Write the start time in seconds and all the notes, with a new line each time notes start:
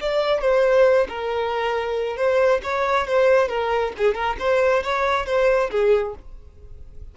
0.00 D5
0.41 C5
1.08 A#4
2.16 C5
2.63 C#5
3.07 C5
3.48 A#4
3.97 G#4
4.14 A#4
4.39 C5
4.83 C#5
5.26 C5
5.71 G#4